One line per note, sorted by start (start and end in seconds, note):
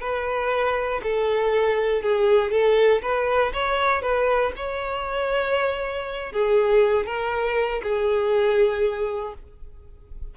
0.00 1.01 B4
1.03 2.02 A4
2.02 2.51 G#4
2.51 3.01 A4
3.02 3.52 B4
3.53 4.02 C#5
4.02 4.52 B4
4.56 6.32 C#5
6.32 7.06 G#4
7.06 7.81 A#4
7.82 9.33 G#4